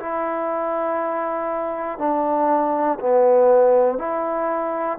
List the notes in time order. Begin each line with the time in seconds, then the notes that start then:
0.00 E4
1.99 D4
3.00 B3
3.98 E4